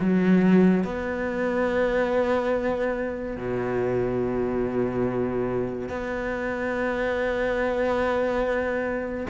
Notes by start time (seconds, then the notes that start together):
0.00 F#3
0.84 B3
3.37 B2
5.89 B3